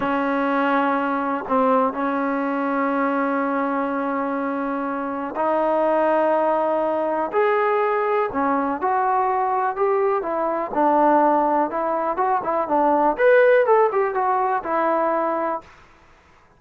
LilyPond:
\new Staff \with { instrumentName = "trombone" } { \time 4/4 \tempo 4 = 123 cis'2. c'4 | cis'1~ | cis'2. dis'4~ | dis'2. gis'4~ |
gis'4 cis'4 fis'2 | g'4 e'4 d'2 | e'4 fis'8 e'8 d'4 b'4 | a'8 g'8 fis'4 e'2 | }